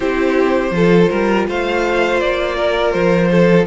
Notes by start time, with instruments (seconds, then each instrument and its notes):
0.00 cello C4, viola E4, violin G4 C5
0.70 cello F3, viola F4, violin A4
1.09 cello G3, violin A#4
1.48 cello A3, violin C5 F5
2.20 cello A#3, violin D5
2.56 violin A#4
2.92 cello F3, violin C5
3.31 violin A4